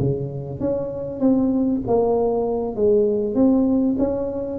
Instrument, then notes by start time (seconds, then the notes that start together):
tuba
0.00 C#3
0.60 C#4
1.20 C4
1.88 A#3
2.76 G#3
3.35 C4
3.99 C#4